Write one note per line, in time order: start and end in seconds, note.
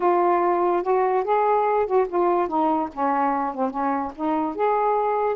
0.00 0.83 F4
0.83 1.24 F#4
1.24 1.86 G#4
1.86 2.07 F#4
2.08 2.47 F4
2.47 2.89 D#4
2.93 3.54 C#4
3.54 3.70 C4
3.70 4.12 C#4
4.15 4.55 D#4
4.55 5.35 G#4